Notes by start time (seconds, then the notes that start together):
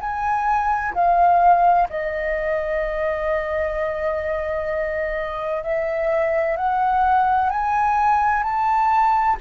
0.00 G#5
0.94 F5
1.89 D#5
5.62 E5
6.56 F#5
7.50 G#5
8.43 A5